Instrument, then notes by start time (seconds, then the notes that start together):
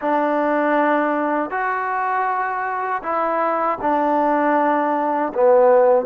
trombone
0.01 D4
1.50 F#4
3.02 E4
3.81 D4
5.34 B3